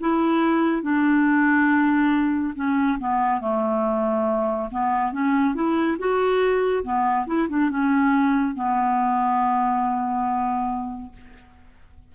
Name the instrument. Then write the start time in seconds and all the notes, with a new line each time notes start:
clarinet
0.00 E4
0.82 D4
2.55 C#4
2.99 B3
3.41 A3
4.71 B3
5.12 C#4
5.54 E4
5.98 F#4
6.83 B3
7.26 E4
7.49 D4
7.69 C#4
8.55 B3